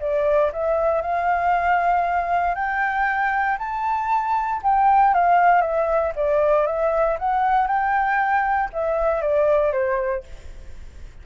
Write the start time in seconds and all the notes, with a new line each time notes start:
0.00 D5
0.53 E5
1.02 F5
2.55 G5
3.59 A5
4.63 G5
5.14 F5
5.61 E5
6.16 D5
6.67 E5
7.19 F#5
7.67 G5
8.73 E5
9.22 D5
9.73 C5